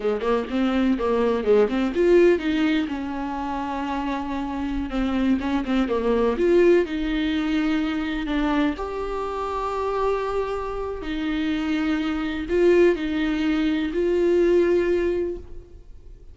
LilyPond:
\new Staff \with { instrumentName = "viola" } { \time 4/4 \tempo 4 = 125 gis8 ais8 c'4 ais4 gis8 c'8 | f'4 dis'4 cis'2~ | cis'2~ cis'16 c'4 cis'8 c'16~ | c'16 ais4 f'4 dis'4.~ dis'16~ |
dis'4~ dis'16 d'4 g'4.~ g'16~ | g'2. dis'4~ | dis'2 f'4 dis'4~ | dis'4 f'2. | }